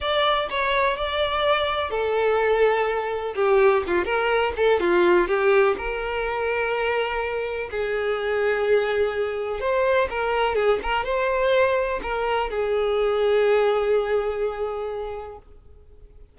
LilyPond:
\new Staff \with { instrumentName = "violin" } { \time 4/4 \tempo 4 = 125 d''4 cis''4 d''2 | a'2. g'4 | f'8 ais'4 a'8 f'4 g'4 | ais'1 |
gis'1 | c''4 ais'4 gis'8 ais'8 c''4~ | c''4 ais'4 gis'2~ | gis'1 | }